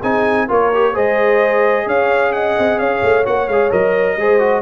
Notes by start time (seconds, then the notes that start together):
0.00 C4 D#4 G#4 G#5
0.48 A#3 F4 A#4 C#5
0.74 G4
0.93 G#3 G#4 C5 D#5
1.86 C#4 C#5 F5
2.32 D#5 F#5
2.58 C4
2.78 C#4 C#5 F5
3.02 A3
3.24 A#3 F#4 F#5
3.47 G#3 G#4 F5
3.70 F#3 A#4 D#5
4.16 G#3 G#4 C5
4.39 F#4